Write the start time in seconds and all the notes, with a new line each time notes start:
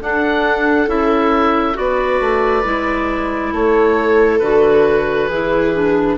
0.00 D4 A4 F#5
0.87 C#4 E4 E5
1.74 B3 F#4 B4 D5
2.20 A3
2.64 G#3 E4
3.52 A3 A4 C#5
4.39 D3 F#4 B4
5.28 E3 E4 G#4
5.74 D4